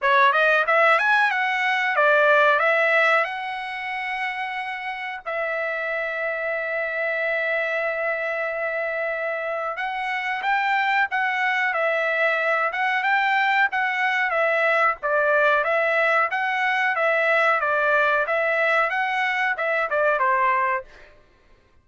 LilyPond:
\new Staff \with { instrumentName = "trumpet" } { \time 4/4 \tempo 4 = 92 cis''8 dis''8 e''8 gis''8 fis''4 d''4 | e''4 fis''2. | e''1~ | e''2. fis''4 |
g''4 fis''4 e''4. fis''8 | g''4 fis''4 e''4 d''4 | e''4 fis''4 e''4 d''4 | e''4 fis''4 e''8 d''8 c''4 | }